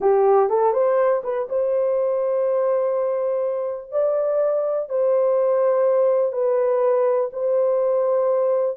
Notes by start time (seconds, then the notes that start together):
0.00 G4
0.49 A4
0.73 C5
1.23 B4
1.49 C5
3.91 D5
4.89 C5
6.32 B4
7.32 C5